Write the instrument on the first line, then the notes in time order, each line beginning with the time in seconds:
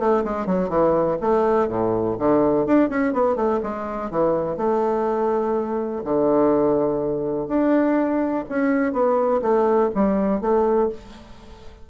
bassoon
0.00 A3
0.25 G#3
0.47 F#3
0.70 E3
1.22 A3
1.69 A2
2.19 D3
2.67 D4
2.90 C#4
3.14 B3
3.37 A3
3.63 G#3
4.11 E3
4.57 A3
6.04 D3
7.48 D4
8.50 C#4
8.93 B3
9.42 A3
9.95 G3
10.42 A3